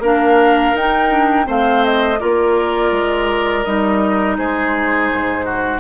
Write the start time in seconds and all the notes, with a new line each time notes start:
0.00 A#3 D4 A#4 F5
0.75 D#4 G5
1.11 D4
1.45 A3 C4 C5 F5
1.85 D#5
2.20 A#3 F4 A#4 D5
2.92 G#3
3.64 G3 D#4 D#5
4.38 G#3 G#4 C5
5.12 G#2
5.46 F#4